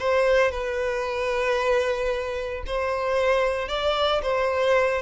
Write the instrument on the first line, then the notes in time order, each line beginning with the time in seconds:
violin
0.00 C5
0.52 B4
2.66 C5
3.69 D5
4.23 C5